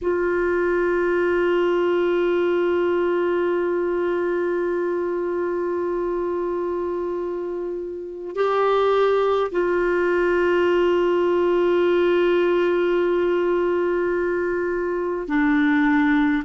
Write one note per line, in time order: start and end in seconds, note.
0.01 8.35 F4
8.35 9.51 G4
9.51 15.27 F4
15.27 16.43 D4